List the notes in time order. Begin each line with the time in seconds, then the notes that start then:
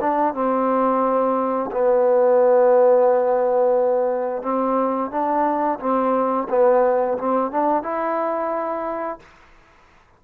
0.00 D4
0.33 C4
1.71 B3
4.42 C4
5.10 D4
5.79 C4
6.49 B3
7.17 C4
7.51 D4
7.83 E4